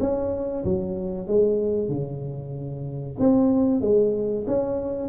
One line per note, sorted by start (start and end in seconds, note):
0.00 0.64 C#4
0.64 1.27 F#3
1.27 1.88 G#3
1.88 3.16 C#3
3.19 3.81 C4
3.81 4.44 G#3
4.47 5.08 C#4